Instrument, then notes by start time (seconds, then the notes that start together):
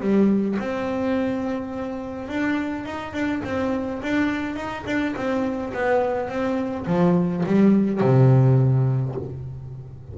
double bass
0.00 G3
0.59 C4
2.28 D4
2.85 D#4
3.13 D4
3.44 C4
4.02 D4
4.56 D#4
4.86 D4
5.16 C4
5.73 B3
6.29 C4
6.86 F3
7.46 G3
8.01 C3